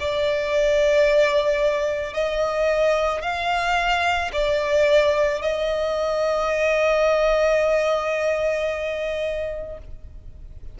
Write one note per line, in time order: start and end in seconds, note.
0.00 2.14 D5
2.14 3.22 D#5
3.22 4.31 F5
4.33 5.42 D5
5.42 9.78 D#5